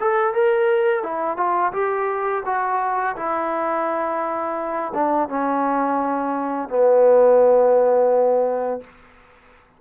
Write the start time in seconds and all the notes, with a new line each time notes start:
0.00 A4
0.34 A#4
1.03 E4
1.37 F4
1.72 G4
2.45 F#4
3.16 E4
4.94 D4
5.29 C#4
6.69 B3